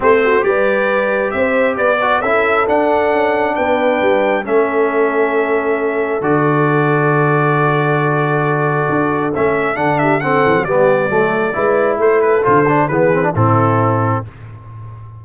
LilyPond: <<
  \new Staff \with { instrumentName = "trumpet" } { \time 4/4 \tempo 4 = 135 c''4 d''2 e''4 | d''4 e''4 fis''2 | g''2 e''2~ | e''2 d''2~ |
d''1~ | d''4 e''4 fis''8 e''8 fis''4 | d''2. c''8 b'8 | c''4 b'4 a'2 | }
  \new Staff \with { instrumentName = "horn" } { \time 4/4 g'8 fis'8 b'2 c''4 | b'8 d''8 a'2. | b'2 a'2~ | a'1~ |
a'1~ | a'2~ a'8 g'8 a'4 | g'4 a'4 b'4 a'4~ | a'4 gis'4 e'2 | }
  \new Staff \with { instrumentName = "trombone" } { \time 4/4 c'4 g'2.~ | g'8 fis'8 e'4 d'2~ | d'2 cis'2~ | cis'2 fis'2~ |
fis'1~ | fis'4 cis'4 d'4 c'4 | b4 a4 e'2 | f'8 d'8 b8 c'16 d'16 c'2 | }
  \new Staff \with { instrumentName = "tuba" } { \time 4/4 a4 g2 c'4 | b4 cis'4 d'4 cis'4 | b4 g4 a2~ | a2 d2~ |
d1 | d'4 a4 d4. e16 fis16 | g4 fis4 gis4 a4 | d4 e4 a,2 | }
>>